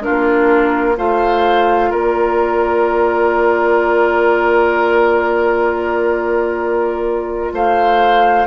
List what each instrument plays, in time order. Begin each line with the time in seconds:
0.00 clarinet D4, oboe F4, flute A#4
0.09 bassoon A#3
0.96 bassoon A3, clarinet F4, oboe C5, flute F5
1.90 bassoon A#3, oboe A#4, flute D5
7.53 bassoon A3, oboe C5, flute F5